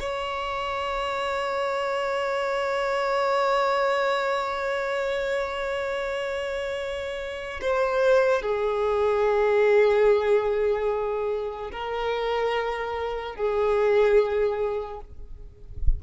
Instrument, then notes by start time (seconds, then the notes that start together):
violin
0.00 C#5
7.61 C5
8.42 G#4
11.72 A#4
13.36 G#4